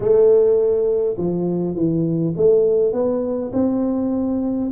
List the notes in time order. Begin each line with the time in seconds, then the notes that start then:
0.00 A3
1.17 F3
1.75 E3
2.36 A3
2.92 B3
3.52 C4